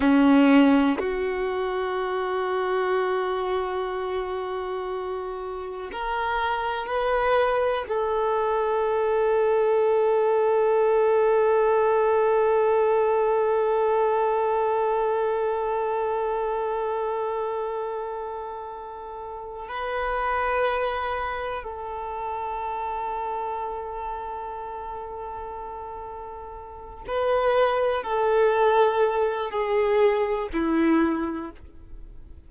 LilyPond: \new Staff \with { instrumentName = "violin" } { \time 4/4 \tempo 4 = 61 cis'4 fis'2.~ | fis'2 ais'4 b'4 | a'1~ | a'1~ |
a'1 | b'2 a'2~ | a'2.~ a'8 b'8~ | b'8 a'4. gis'4 e'4 | }